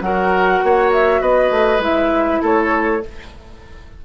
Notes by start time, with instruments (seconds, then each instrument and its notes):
0.00 bassoon F#3, clarinet F#4, oboe A#4, flute F#5
0.63 bassoon A#3, oboe C#5
0.92 flute E5
1.20 bassoon B3, oboe B4, flute D#5
1.50 bassoon A3
1.79 bassoon G#3, clarinet E4, flute E5
2.41 bassoon A3, oboe A4, flute C#5